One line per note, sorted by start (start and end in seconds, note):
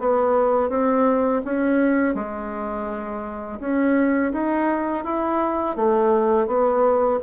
0.00 0.70 B3
0.70 1.42 C4
1.45 2.15 C#4
2.15 3.60 G#3
3.60 4.32 C#4
4.33 5.05 D#4
5.05 5.77 E4
5.77 6.48 A3
6.48 7.20 B3